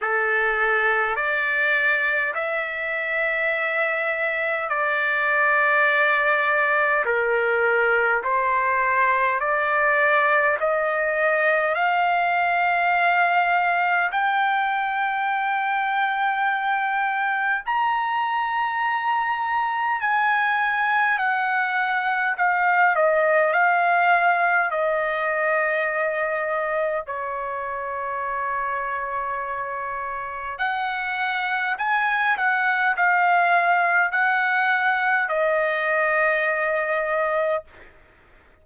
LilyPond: \new Staff \with { instrumentName = "trumpet" } { \time 4/4 \tempo 4 = 51 a'4 d''4 e''2 | d''2 ais'4 c''4 | d''4 dis''4 f''2 | g''2. ais''4~ |
ais''4 gis''4 fis''4 f''8 dis''8 | f''4 dis''2 cis''4~ | cis''2 fis''4 gis''8 fis''8 | f''4 fis''4 dis''2 | }